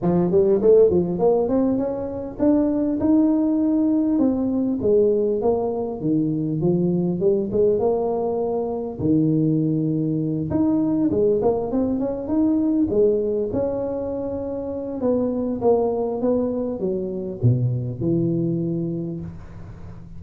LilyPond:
\new Staff \with { instrumentName = "tuba" } { \time 4/4 \tempo 4 = 100 f8 g8 a8 f8 ais8 c'8 cis'4 | d'4 dis'2 c'4 | gis4 ais4 dis4 f4 | g8 gis8 ais2 dis4~ |
dis4. dis'4 gis8 ais8 c'8 | cis'8 dis'4 gis4 cis'4.~ | cis'4 b4 ais4 b4 | fis4 b,4 e2 | }